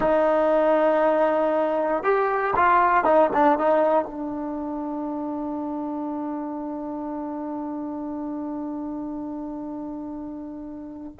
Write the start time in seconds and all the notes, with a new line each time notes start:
0.00 D#4
2.03 G4
2.55 F4
3.04 D#4
3.33 D4
3.58 D#4
4.04 D4